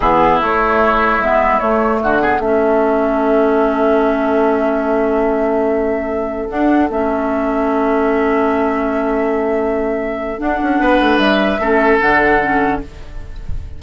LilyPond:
<<
  \new Staff \with { instrumentName = "flute" } { \time 4/4 \tempo 4 = 150 gis'4 cis''2 e''4 | cis''4 fis''4 e''2~ | e''1~ | e''1~ |
e''16 fis''4 e''2~ e''8.~ | e''1~ | e''2 fis''2 | e''2 fis''2 | }
  \new Staff \with { instrumentName = "oboe" } { \time 4/4 e'1~ | e'4 fis'8 gis'8 a'2~ | a'1~ | a'1~ |
a'1~ | a'1~ | a'2. b'4~ | b'4 a'2. | }
  \new Staff \with { instrumentName = "clarinet" } { \time 4/4 b4 a2 b4 | a4. b8 cis'2~ | cis'1~ | cis'1~ |
cis'16 d'4 cis'2~ cis'8.~ | cis'1~ | cis'2 d'2~ | d'4 cis'4 d'4 cis'4 | }
  \new Staff \with { instrumentName = "bassoon" } { \time 4/4 e4 a2 gis4 | a4 d4 a2~ | a1~ | a1~ |
a16 d'4 a2~ a8.~ | a1~ | a2 d'8 cis'8 b8 a8 | g4 a4 d2 | }
>>